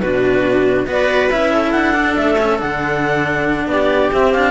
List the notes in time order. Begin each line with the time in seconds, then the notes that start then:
0.00 B2 D4 F#4 B4
0.86 B3 F#4 B4 D5
1.30 C#4 E4 E5
1.53 A4
1.71 D4 F#5
1.94 D4
2.16 A3 E5
2.38 C#4
2.59 D3 D4 F#5
3.66 B3 G4 D5
4.12 C4 E5
4.33 D4 F5